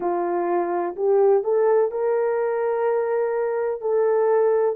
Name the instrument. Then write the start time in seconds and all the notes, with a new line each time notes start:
horn
0.00 F4
0.95 G4
1.43 A4
1.90 A#4
3.81 A4